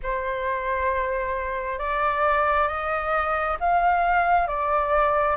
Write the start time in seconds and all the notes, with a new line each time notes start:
0.02 C5
1.78 D5
2.68 D#5
3.60 F5
4.47 D5